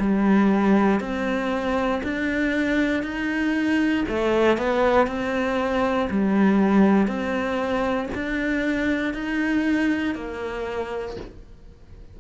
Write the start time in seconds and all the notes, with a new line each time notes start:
0.00 G3
1.01 C4
2.04 D4
3.04 D#4
4.09 A3
4.58 B3
5.08 C4
6.11 G3
7.08 C4
8.15 D4
9.14 D#4
10.16 A#3